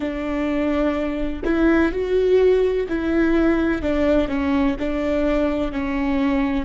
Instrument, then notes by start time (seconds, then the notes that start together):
viola
0.00 D4
1.44 E4
1.92 F#4
2.88 E4
3.81 D4
4.28 C#4
4.79 D4
5.71 C#4